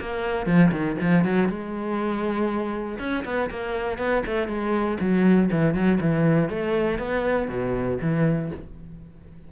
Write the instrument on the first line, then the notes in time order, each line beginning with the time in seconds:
cello
0.00 A#3
0.46 F3
0.72 D#3
1.01 F3
1.24 F#3
1.48 G#3
2.99 C#4
3.25 B3
3.50 A#3
3.98 B3
4.26 A3
4.48 G#3
5.00 F#3
5.51 E3
5.74 F#3
6.01 E3
6.49 A3
6.99 B3
7.48 B2
8.02 E3